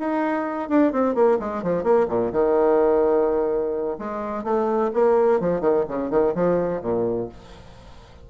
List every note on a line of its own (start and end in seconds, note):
0.00 0.70 D#4
0.70 0.93 D4
0.93 1.15 C4
1.15 1.39 A#3
1.40 1.63 G#3
1.63 1.84 F3
1.84 2.07 A#3
2.09 2.32 A#2
2.33 3.98 D#3
3.99 4.44 G#3
4.44 4.92 A3
4.94 5.41 A#3
5.41 5.61 F3
5.61 5.85 D#3
5.89 6.11 C#3
6.11 6.34 D#3
6.35 6.82 F3
6.82 7.29 A#2